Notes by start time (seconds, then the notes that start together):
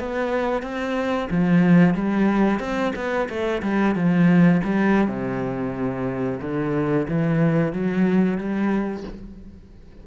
0.00 B3
0.63 C4
1.31 F3
1.95 G3
2.60 C4
2.96 B3
3.29 A3
3.63 G3
3.96 F3
4.65 G3
5.08 C3
6.42 D3
7.08 E3
7.73 F#3
8.38 G3